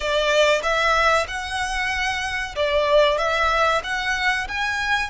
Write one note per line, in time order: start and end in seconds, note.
0.00 0.61 D5
0.62 1.26 E5
1.27 2.55 F#5
2.55 3.17 D5
3.17 3.82 E5
3.83 4.47 F#5
4.48 5.09 G#5